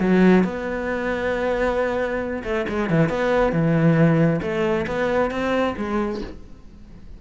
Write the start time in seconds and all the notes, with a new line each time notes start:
0.00 F#3
0.44 B3
2.44 A3
2.69 G#3
2.90 E3
3.09 B3
3.52 E3
4.42 A3
4.87 B3
5.31 C4
5.77 G#3